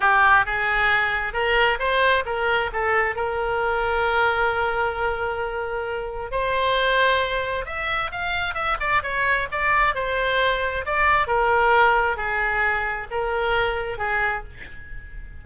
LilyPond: \new Staff \with { instrumentName = "oboe" } { \time 4/4 \tempo 4 = 133 g'4 gis'2 ais'4 | c''4 ais'4 a'4 ais'4~ | ais'1~ | ais'2 c''2~ |
c''4 e''4 f''4 e''8 d''8 | cis''4 d''4 c''2 | d''4 ais'2 gis'4~ | gis'4 ais'2 gis'4 | }